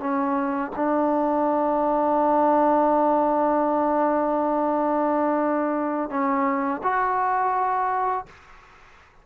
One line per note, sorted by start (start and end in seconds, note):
0.00 0.71 C#4
0.76 6.10 D4
6.10 6.81 C#4
6.83 8.26 F#4